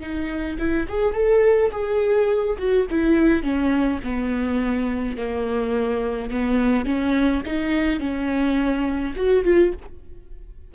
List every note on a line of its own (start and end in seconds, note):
0.00 0.57 D#4
0.58 0.87 E4
0.88 1.14 G#4
1.14 1.71 A4
1.71 2.57 G#4
2.58 2.86 F#4
2.90 3.42 E4
3.42 3.99 C#4
4.03 5.17 B3
5.17 6.30 A#3
6.30 6.85 B3
6.85 7.42 C#4
7.45 7.99 D#4
7.99 9.14 C#4
9.16 9.44 F#4
9.44 9.72 F4